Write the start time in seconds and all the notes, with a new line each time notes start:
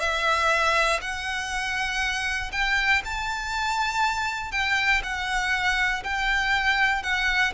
0.00 E5
1.02 F#5
2.53 G5
3.05 A5
4.52 G5
5.04 F#5
6.04 G5
7.03 F#5